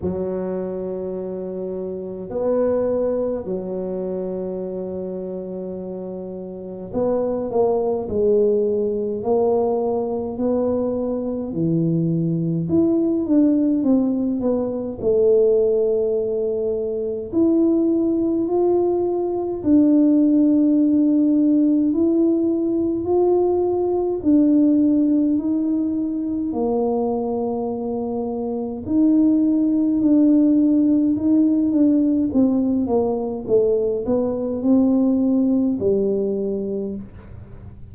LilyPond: \new Staff \with { instrumentName = "tuba" } { \time 4/4 \tempo 4 = 52 fis2 b4 fis4~ | fis2 b8 ais8 gis4 | ais4 b4 e4 e'8 d'8 | c'8 b8 a2 e'4 |
f'4 d'2 e'4 | f'4 d'4 dis'4 ais4~ | ais4 dis'4 d'4 dis'8 d'8 | c'8 ais8 a8 b8 c'4 g4 | }